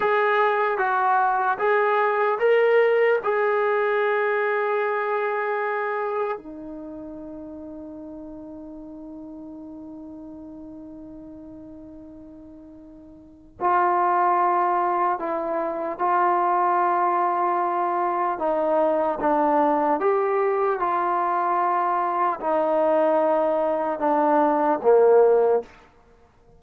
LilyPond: \new Staff \with { instrumentName = "trombone" } { \time 4/4 \tempo 4 = 75 gis'4 fis'4 gis'4 ais'4 | gis'1 | dis'1~ | dis'1~ |
dis'4 f'2 e'4 | f'2. dis'4 | d'4 g'4 f'2 | dis'2 d'4 ais4 | }